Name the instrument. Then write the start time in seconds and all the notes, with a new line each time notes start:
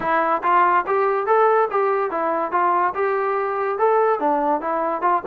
trombone
0.00 E4
0.43 F4
0.86 G4
1.26 A4
1.70 G4
2.10 E4
2.51 F4
2.94 G4
3.78 A4
4.19 D4
4.60 E4
5.01 F4